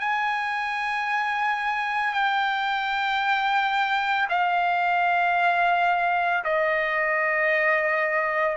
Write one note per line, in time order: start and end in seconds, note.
0.00 2.13 G#5
2.13 4.28 G5
4.30 6.44 F5
6.44 8.57 D#5